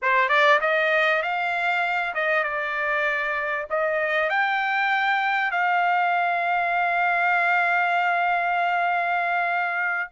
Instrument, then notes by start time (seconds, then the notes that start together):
trumpet
0.02 C5
0.28 D5
0.61 D#5
1.22 F5
2.14 D#5
2.43 D5
3.70 D#5
4.29 G5
5.51 F5